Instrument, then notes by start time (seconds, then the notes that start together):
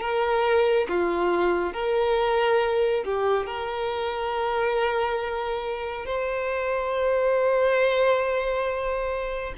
violin
0.00 A#4
0.88 F4
1.73 A#4
3.04 G4
3.46 A#4
6.06 C5